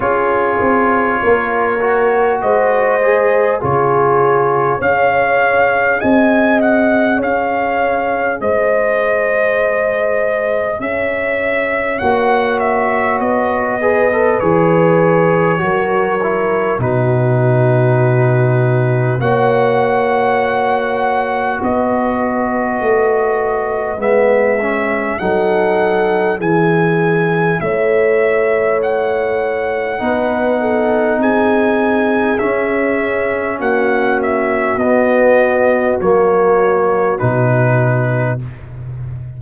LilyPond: <<
  \new Staff \with { instrumentName = "trumpet" } { \time 4/4 \tempo 4 = 50 cis''2 dis''4 cis''4 | f''4 gis''8 fis''8 f''4 dis''4~ | dis''4 e''4 fis''8 e''8 dis''4 | cis''2 b'2 |
fis''2 dis''2 | e''4 fis''4 gis''4 e''4 | fis''2 gis''4 e''4 | fis''8 e''8 dis''4 cis''4 b'4 | }
  \new Staff \with { instrumentName = "horn" } { \time 4/4 gis'4 ais'4 c''4 gis'4 | cis''4 dis''4 cis''4 c''4~ | c''4 cis''2~ cis''8 b'8~ | b'4 ais'4 fis'2 |
cis''2 b'2~ | b'4 a'4 gis'4 cis''4~ | cis''4 b'8 a'8 gis'2 | fis'1 | }
  \new Staff \with { instrumentName = "trombone" } { \time 4/4 f'4. fis'4 gis'8 f'4 | gis'1~ | gis'2 fis'4. gis'16 a'16 | gis'4 fis'8 e'8 dis'2 |
fis'1 | b8 cis'8 dis'4 e'2~ | e'4 dis'2 cis'4~ | cis'4 b4 ais4 dis'4 | }
  \new Staff \with { instrumentName = "tuba" } { \time 4/4 cis'8 c'8 ais4 gis4 cis4 | cis'4 c'4 cis'4 gis4~ | gis4 cis'4 ais4 b4 | e4 fis4 b,2 |
ais2 b4 a4 | gis4 fis4 e4 a4~ | a4 b4 c'4 cis'4 | ais4 b4 fis4 b,4 | }
>>